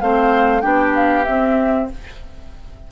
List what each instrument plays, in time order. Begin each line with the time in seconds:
0.00 bassoon A3, clarinet C4, oboe C5, flute F5
0.61 bassoon B3, clarinet D4, oboe G4, flute G5
0.94 flute F5
1.24 clarinet C4, bassoon C4, flute E5